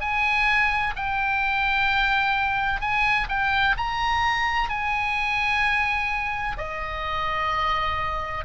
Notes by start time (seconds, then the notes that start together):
0.00 G#5
0.96 G5
2.80 G#5
3.29 G5
3.77 A#5
4.69 G#5
6.57 D#5